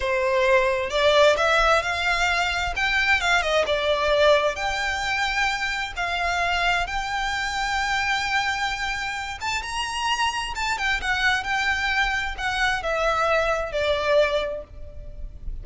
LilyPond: \new Staff \with { instrumentName = "violin" } { \time 4/4 \tempo 4 = 131 c''2 d''4 e''4 | f''2 g''4 f''8 dis''8 | d''2 g''2~ | g''4 f''2 g''4~ |
g''1~ | g''8 a''8 ais''2 a''8 g''8 | fis''4 g''2 fis''4 | e''2 d''2 | }